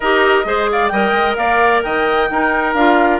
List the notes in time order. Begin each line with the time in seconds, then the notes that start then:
0.00 D#4 G4 A#4 D#5
0.44 G#3 G#4 C5
0.72 D5 F5
0.88 G3 A#4 D#5 G5
1.12 G#3
1.35 A#3 D5 F5
1.83 D#3 D#5 G5
2.30 D#4 A#4
2.73 D4 F4 F5